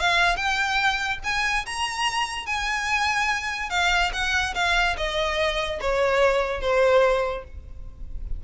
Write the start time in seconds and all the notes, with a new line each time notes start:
0.00 F5
0.36 G5
1.24 G#5
1.66 A#5
2.46 G#5
3.70 F5
4.13 F#5
4.55 F5
4.97 D#5
5.81 C#5
6.61 C5